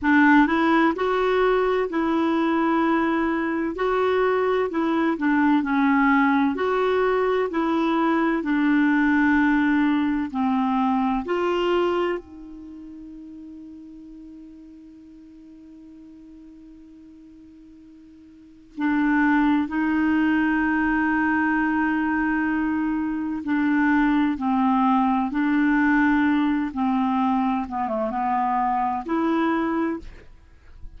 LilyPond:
\new Staff \with { instrumentName = "clarinet" } { \time 4/4 \tempo 4 = 64 d'8 e'8 fis'4 e'2 | fis'4 e'8 d'8 cis'4 fis'4 | e'4 d'2 c'4 | f'4 dis'2.~ |
dis'1 | d'4 dis'2.~ | dis'4 d'4 c'4 d'4~ | d'8 c'4 b16 a16 b4 e'4 | }